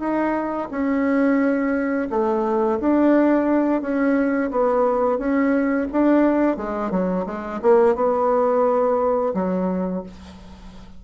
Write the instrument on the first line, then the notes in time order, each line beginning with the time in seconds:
bassoon
0.00 D#4
0.71 C#4
2.11 A3
2.81 D4
3.82 C#4
4.51 B3
5.19 C#4
5.92 D4
6.57 G#3
6.91 F#3
7.26 G#3
7.62 A#3
7.96 B3
9.35 F#3